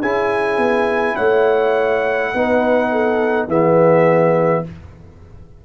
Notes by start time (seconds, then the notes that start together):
0.00 C#4 E4 G#4 G#5
0.58 B3
1.16 A3 C#5 F#5
2.34 B3 D#4 B4
2.92 A4
3.48 E3 B3 G#4 E5